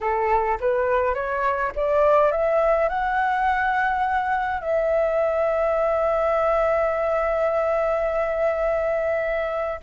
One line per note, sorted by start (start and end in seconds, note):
0.00 0.58 A4
0.60 1.14 B4
1.14 1.72 C#5
1.75 2.31 D5
2.31 2.88 E5
2.88 4.60 F#5
4.60 9.80 E5